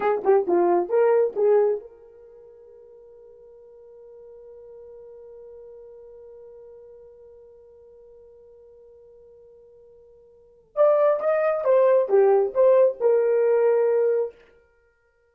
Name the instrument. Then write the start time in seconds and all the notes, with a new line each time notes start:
horn
0.00 G#4
0.24 G4
0.47 F4
0.89 A#4
1.36 G#4
1.81 A#4
10.75 D5
11.20 D#5
11.64 C5
12.08 G4
12.54 C5
13.00 A#4